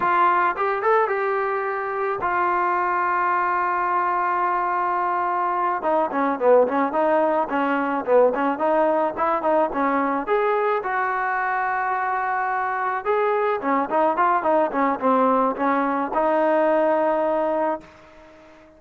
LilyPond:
\new Staff \with { instrumentName = "trombone" } { \time 4/4 \tempo 4 = 108 f'4 g'8 a'8 g'2 | f'1~ | f'2~ f'8 dis'8 cis'8 b8 | cis'8 dis'4 cis'4 b8 cis'8 dis'8~ |
dis'8 e'8 dis'8 cis'4 gis'4 fis'8~ | fis'2.~ fis'8 gis'8~ | gis'8 cis'8 dis'8 f'8 dis'8 cis'8 c'4 | cis'4 dis'2. | }